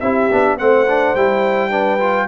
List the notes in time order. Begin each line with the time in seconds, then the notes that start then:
0.00 C4 E4 G4 E5
0.31 B3 D4
0.57 A3 C4 C5 F#5
0.88 D4
1.15 G3 E4 G5
1.70 D4 B4
1.99 F4